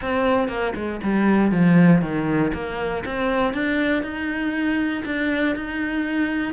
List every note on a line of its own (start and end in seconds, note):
0.01 0.48 C4
0.48 0.73 A#3
0.75 1.00 G#3
1.03 1.51 G3
1.51 2.01 F3
2.01 2.52 D#3
2.53 3.04 A#3
3.05 3.53 C4
3.53 4.02 D4
4.02 5.03 D#4
5.05 5.55 D4
5.55 6.53 D#4